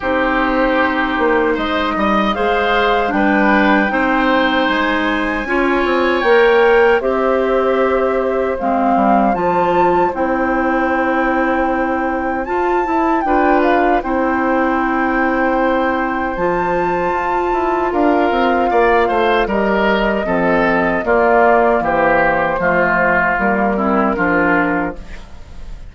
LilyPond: <<
  \new Staff \with { instrumentName = "flute" } { \time 4/4 \tempo 4 = 77 c''2 dis''4 f''4 | g''2 gis''2 | g''4 e''2 f''4 | a''4 g''2. |
a''4 g''8 f''8 g''2~ | g''4 a''2 f''4~ | f''4 dis''2 d''4 | c''2 ais'2 | }
  \new Staff \with { instrumentName = "oboe" } { \time 4/4 g'2 c''8 dis''8 c''4 | b'4 c''2 cis''4~ | cis''4 c''2.~ | c''1~ |
c''4 b'4 c''2~ | c''2. ais'4 | d''8 c''8 ais'4 a'4 f'4 | g'4 f'4. e'8 f'4 | }
  \new Staff \with { instrumentName = "clarinet" } { \time 4/4 dis'2. gis'4 | d'4 dis'2 f'4 | ais'4 g'2 c'4 | f'4 e'2. |
f'8 e'8 f'4 e'2~ | e'4 f'2.~ | f'4 g'4 c'4 ais4~ | ais4 a4 ais8 c'8 d'4 | }
  \new Staff \with { instrumentName = "bassoon" } { \time 4/4 c'4. ais8 gis8 g8 gis4 | g4 c'4 gis4 cis'8 c'8 | ais4 c'2 gis8 g8 | f4 c'2. |
f'8 e'8 d'4 c'2~ | c'4 f4 f'8 e'8 d'8 c'8 | ais8 a8 g4 f4 ais4 | e4 f4 g4 f4 | }
>>